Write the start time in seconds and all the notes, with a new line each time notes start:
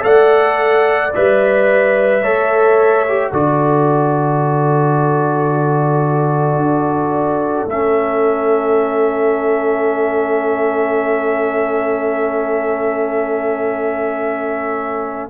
0.00 A3 A4 D5 F#5
1.14 G3 B4 E5
2.22 A3 A4 C#5
3.08 G4
3.32 D3 F#4 A4 D5
6.56 D4
7.66 A3 C#4 E5